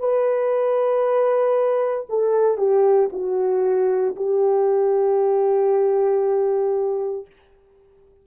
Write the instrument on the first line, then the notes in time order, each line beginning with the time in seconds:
horn
0.00 B4
2.09 A4
2.58 G4
3.13 F#4
4.16 G4